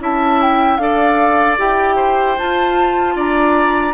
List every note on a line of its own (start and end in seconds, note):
0.00 0.78 C#4
0.00 0.79 E4
0.00 0.81 E5
0.00 0.42 A5
0.42 0.77 G5
0.77 1.57 D4
0.77 1.58 A4
0.77 1.96 D5
0.77 1.56 F5
1.58 2.37 E4
1.58 2.37 G4
1.58 2.38 G5
1.96 3.14 C5
2.38 3.93 F4
2.38 3.15 F4
2.38 3.17 A5
3.15 3.93 D4
3.15 3.93 D5
3.15 3.93 A#5